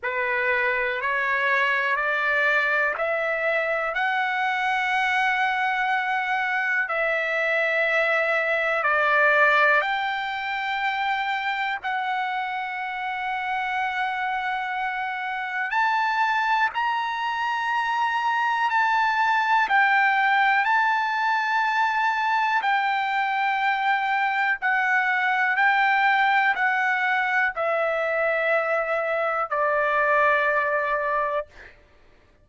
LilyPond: \new Staff \with { instrumentName = "trumpet" } { \time 4/4 \tempo 4 = 61 b'4 cis''4 d''4 e''4 | fis''2. e''4~ | e''4 d''4 g''2 | fis''1 |
a''4 ais''2 a''4 | g''4 a''2 g''4~ | g''4 fis''4 g''4 fis''4 | e''2 d''2 | }